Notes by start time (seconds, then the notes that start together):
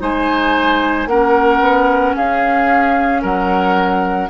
0.00 G#3 D#4 C5 G#5
1.07 A#3 C#4 A#4 F#5
1.60 B3
2.16 C#4 G#4 F5
3.22 F#3 A#4 F#5